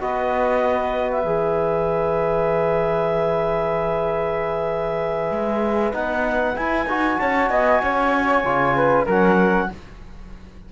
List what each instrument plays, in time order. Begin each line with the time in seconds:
0.00 cello B3, trombone F#4, flute B4, clarinet D#5
1.11 clarinet E5
1.24 cello E3, trombone G#4
5.30 cello G#3
5.92 cello B3, trombone D#4, clarinet F#5
6.54 trombone E4, cello E4, clarinet G#5
6.86 cello D#4, trombone F#4
7.19 cello C#4, flute C#5, clarinet A5
7.48 cello B3, flute D#5, clarinet G#5
7.82 cello C#4, flute C#5
8.43 cello C#3, trombone F4
8.76 flute B4
9.05 cello F#3, trombone C#4, flute A#4, clarinet F#5